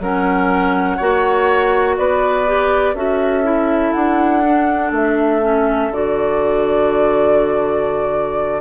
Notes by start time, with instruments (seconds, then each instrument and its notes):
0.00 bassoon F#3, clarinet C#4, oboe A#4, flute F#5
0.97 bassoon A#3, clarinet F#4, oboe C#5
1.98 bassoon B3, oboe B4, flute D5
2.47 clarinet G4
2.95 bassoon C#4, clarinet F#4, oboe A4, flute E5
3.44 clarinet E4
3.93 bassoon D4, flute F#5
4.45 clarinet D4
4.92 bassoon A3, flute E5
5.42 clarinet C#4
5.92 bassoon D3, clarinet F#4, flute D5